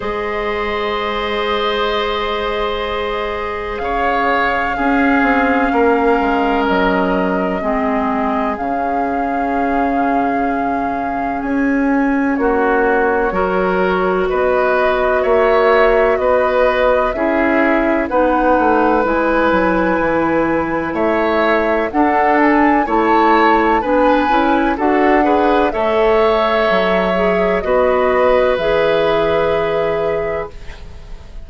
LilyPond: <<
  \new Staff \with { instrumentName = "flute" } { \time 4/4 \tempo 4 = 63 dis''1 | f''2. dis''4~ | dis''4 f''2. | gis''4 cis''2 dis''4 |
e''4 dis''4 e''4 fis''4 | gis''2 e''4 fis''8 gis''8 | a''4 gis''4 fis''4 e''4~ | e''4 dis''4 e''2 | }
  \new Staff \with { instrumentName = "oboe" } { \time 4/4 c''1 | cis''4 gis'4 ais'2 | gis'1~ | gis'4 fis'4 ais'4 b'4 |
cis''4 b'4 gis'4 b'4~ | b'2 cis''4 a'4 | cis''4 b'4 a'8 b'8 cis''4~ | cis''4 b'2. | }
  \new Staff \with { instrumentName = "clarinet" } { \time 4/4 gis'1~ | gis'4 cis'2. | c'4 cis'2.~ | cis'2 fis'2~ |
fis'2 e'4 dis'4 | e'2. d'4 | e'4 d'8 e'8 fis'8 gis'8 a'4~ | a'8 gis'8 fis'4 gis'2 | }
  \new Staff \with { instrumentName = "bassoon" } { \time 4/4 gis1 | cis4 cis'8 c'8 ais8 gis8 fis4 | gis4 cis2. | cis'4 ais4 fis4 b4 |
ais4 b4 cis'4 b8 a8 | gis8 fis8 e4 a4 d'4 | a4 b8 cis'8 d'4 a4 | fis4 b4 e2 | }
>>